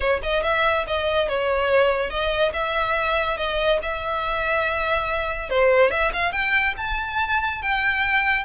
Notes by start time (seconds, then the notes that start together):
0.00 C#5
0.22 D#5
0.43 E5
0.87 D#5
1.28 C#5
2.09 D#5
2.53 E5
3.37 D#5
3.82 E5
5.49 C5
5.90 E5
6.13 F5
6.32 G5
6.77 A5
7.62 G5